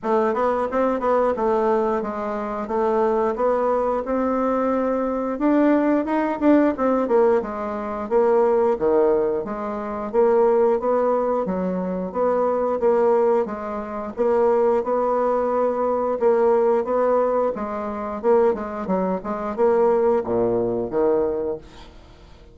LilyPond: \new Staff \with { instrumentName = "bassoon" } { \time 4/4 \tempo 4 = 89 a8 b8 c'8 b8 a4 gis4 | a4 b4 c'2 | d'4 dis'8 d'8 c'8 ais8 gis4 | ais4 dis4 gis4 ais4 |
b4 fis4 b4 ais4 | gis4 ais4 b2 | ais4 b4 gis4 ais8 gis8 | fis8 gis8 ais4 ais,4 dis4 | }